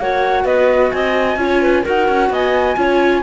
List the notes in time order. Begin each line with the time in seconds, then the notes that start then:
0.00 A#3 F#4 C#5 F#5
0.45 B3 B4 D#5
0.92 C4 D#5 G#5
1.37 C#4 F4 C#5
1.62 B4
1.83 D#4 F#4 A#4 F#5
2.09 C#4
2.30 B3 D#5 G#5
2.77 C#4 F4 C#5